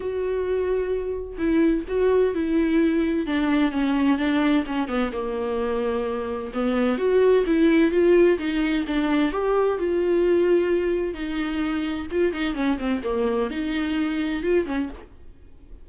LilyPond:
\new Staff \with { instrumentName = "viola" } { \time 4/4 \tempo 4 = 129 fis'2. e'4 | fis'4 e'2 d'4 | cis'4 d'4 cis'8 b8 ais4~ | ais2 b4 fis'4 |
e'4 f'4 dis'4 d'4 | g'4 f'2. | dis'2 f'8 dis'8 cis'8 c'8 | ais4 dis'2 f'8 cis'8 | }